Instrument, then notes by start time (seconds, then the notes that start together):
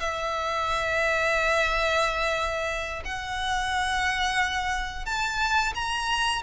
violin
0.00 E5
3.05 F#5
5.06 A5
5.75 A#5